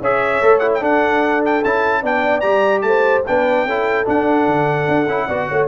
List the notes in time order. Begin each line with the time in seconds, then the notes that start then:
0.00 C#4 G#4 C#5 E5
0.41 A3 A4
0.59 E4 F#5
0.73 A4 G5
0.80 D4 F#5
1.45 G5
1.64 C#4 E4 A5
2.01 B3 D4 D5 G5
2.40 G3 G4 A#5
2.81 A3 C5 A5
3.26 B3 D4 B4 G5
3.65 C#4 E4 A4
4.05 D4 F#5
4.46 D3
4.88 D4
5.07 C#4 E4
5.27 B3 F#4 D5
5.48 A3 C#5